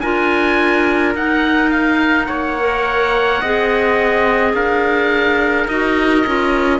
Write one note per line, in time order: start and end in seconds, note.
0.00 1.14 D4
0.00 1.16 F4
0.00 2.28 A#4
0.00 1.13 G#5
1.14 2.28 D#4
1.14 2.58 D#4
1.14 1.70 F#5
1.70 2.26 F5
2.26 3.42 A#3
2.26 3.41 C#5
2.26 4.52 F#5
2.59 3.44 A#4
3.41 4.53 C4
3.41 5.69 G#4
3.41 4.54 D#5
4.53 5.67 D4
4.53 6.80 A#4
4.53 5.68 F5
5.68 6.24 D#4
5.68 6.26 F#4
5.68 6.80 D#5
6.26 6.80 C#4
6.26 6.80 F4